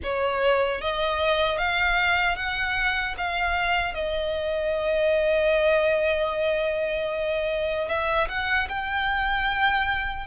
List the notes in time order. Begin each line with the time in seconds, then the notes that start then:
0.03 C#5
0.81 D#5
1.58 F5
2.36 F#5
3.17 F5
3.94 D#5
7.88 E5
8.28 F#5
8.68 G5